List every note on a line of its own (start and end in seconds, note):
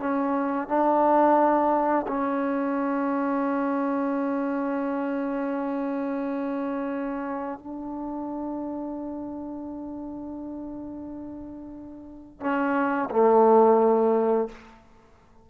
0.00 0.68 C#4
0.68 2.06 D4
2.08 7.59 C#4
7.59 12.40 D4
12.40 13.09 C#4
13.11 14.49 A3